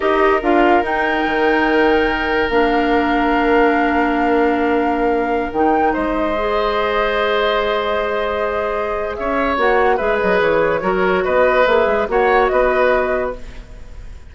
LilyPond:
<<
  \new Staff \with { instrumentName = "flute" } { \time 4/4 \tempo 4 = 144 dis''4 f''4 g''2~ | g''2 f''2~ | f''1~ | f''4~ f''16 g''4 dis''4.~ dis''16~ |
dis''1~ | dis''2 e''4 fis''4 | e''8 dis''8 cis''2 dis''4 | e''4 fis''4 dis''2 | }
  \new Staff \with { instrumentName = "oboe" } { \time 4/4 ais'1~ | ais'1~ | ais'1~ | ais'2~ ais'16 c''4.~ c''16~ |
c''1~ | c''2 cis''2 | b'2 ais'4 b'4~ | b'4 cis''4 b'2 | }
  \new Staff \with { instrumentName = "clarinet" } { \time 4/4 g'4 f'4 dis'2~ | dis'2 d'2~ | d'1~ | d'4~ d'16 dis'2 gis'8.~ |
gis'1~ | gis'2. fis'4 | gis'2 fis'2 | gis'4 fis'2. | }
  \new Staff \with { instrumentName = "bassoon" } { \time 4/4 dis'4 d'4 dis'4 dis4~ | dis2 ais2~ | ais1~ | ais4~ ais16 dis4 gis4.~ gis16~ |
gis1~ | gis2 cis'4 ais4 | gis8 fis8 e4 fis4 b4 | ais8 gis8 ais4 b2 | }
>>